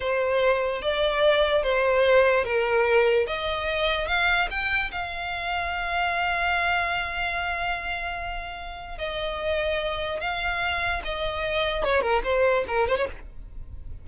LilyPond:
\new Staff \with { instrumentName = "violin" } { \time 4/4 \tempo 4 = 147 c''2 d''2 | c''2 ais'2 | dis''2 f''4 g''4 | f''1~ |
f''1~ | f''2 dis''2~ | dis''4 f''2 dis''4~ | dis''4 cis''8 ais'8 c''4 ais'8 c''16 cis''16 | }